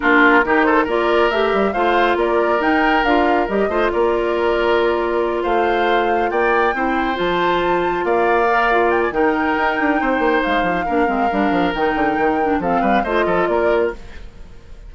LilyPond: <<
  \new Staff \with { instrumentName = "flute" } { \time 4/4 \tempo 4 = 138 ais'4. c''8 d''4 e''4 | f''4 d''4 g''4 f''4 | dis''4 d''2.~ | d''8 f''2 g''4.~ |
g''8 a''2 f''4.~ | f''8 g''16 gis''16 g''2. | f''2. g''4~ | g''4 f''4 dis''4 d''4 | }
  \new Staff \with { instrumentName = "oboe" } { \time 4/4 f'4 g'8 a'8 ais'2 | c''4 ais'2.~ | ais'8 c''8 ais'2.~ | ais'8 c''2 d''4 c''8~ |
c''2~ c''8 d''4.~ | d''4 ais'2 c''4~ | c''4 ais'2.~ | ais'4 a'8 b'8 c''8 a'8 ais'4 | }
  \new Staff \with { instrumentName = "clarinet" } { \time 4/4 d'4 dis'4 f'4 g'4 | f'2 dis'4 f'4 | g'8 f'2.~ f'8~ | f'2.~ f'8 e'8~ |
e'8 f'2. ais'8 | f'4 dis'2.~ | dis'4 d'8 c'8 d'4 dis'4~ | dis'8 d'8 c'4 f'2 | }
  \new Staff \with { instrumentName = "bassoon" } { \time 4/4 ais4 dis4 ais4 a8 g8 | a4 ais4 dis'4 d'4 | g8 a8 ais2.~ | ais8 a2 ais4 c'8~ |
c'8 f2 ais4.~ | ais4 dis4 dis'8 d'8 c'8 ais8 | gis8 f8 ais8 gis8 g8 f8 dis8 d8 | dis4 f8 g8 a8 f8 ais4 | }
>>